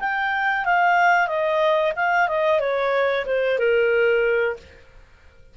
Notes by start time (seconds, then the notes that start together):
0.00 G5
0.65 F5
1.27 D#5
1.96 F5
2.29 D#5
2.60 C#5
3.26 C5
3.59 A#4